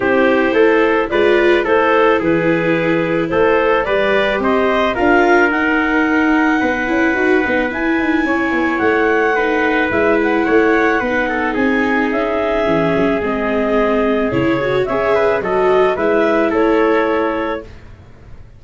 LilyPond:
<<
  \new Staff \with { instrumentName = "clarinet" } { \time 4/4 \tempo 4 = 109 c''2 d''4 c''4 | b'2 c''4 d''4 | dis''4 f''4 fis''2~ | fis''2 gis''2 |
fis''2 e''8 fis''4.~ | fis''4 gis''4 e''2 | dis''2 cis''4 e''4 | dis''4 e''4 cis''2 | }
  \new Staff \with { instrumentName = "trumpet" } { \time 4/4 g'4 a'4 b'4 a'4 | gis'2 a'4 b'4 | c''4 ais'2. | b'2. cis''4~ |
cis''4 b'2 cis''4 | b'8 a'8 gis'2.~ | gis'2. cis''8 b'8 | a'4 b'4 a'2 | }
  \new Staff \with { instrumentName = "viola" } { \time 4/4 e'2 f'4 e'4~ | e'2. g'4~ | g'4 f'4 dis'2~ | dis'8 e'8 fis'8 dis'8 e'2~ |
e'4 dis'4 e'2 | dis'2. cis'4 | c'2 e'8 fis'8 gis'4 | fis'4 e'2. | }
  \new Staff \with { instrumentName = "tuba" } { \time 4/4 c'4 a4 gis4 a4 | e2 a4 g4 | c'4 d'4 dis'2 | b8 cis'8 dis'8 b8 e'8 dis'8 cis'8 b8 |
a2 gis4 a4 | b4 c'4 cis'4 e8 fis8 | gis2 cis4 cis'4 | fis4 gis4 a2 | }
>>